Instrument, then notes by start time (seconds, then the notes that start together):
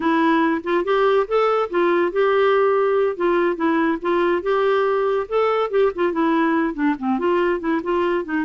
clarinet
0.00 E4
0.63 F4
0.84 G4
1.27 A4
1.69 F4
2.11 G4
3.16 F4
3.56 E4
4.01 F4
4.42 G4
5.28 A4
5.70 G4
5.95 F4
6.12 E4
6.74 D4
6.98 C4
7.19 F4
7.60 E4
7.83 F4
8.25 D#4